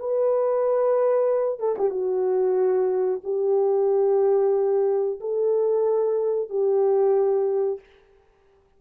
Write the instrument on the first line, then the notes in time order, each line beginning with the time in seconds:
horn
0.00 B4
1.60 A4
1.78 G4
1.91 F#4
3.24 G4
5.21 A4
6.50 G4